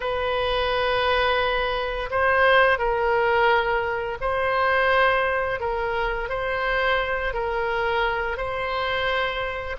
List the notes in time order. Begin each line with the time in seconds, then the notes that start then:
0.00 B4
2.10 C5
2.78 A#4
4.21 C5
5.60 A#4
6.29 C5
7.33 A#4
8.37 C5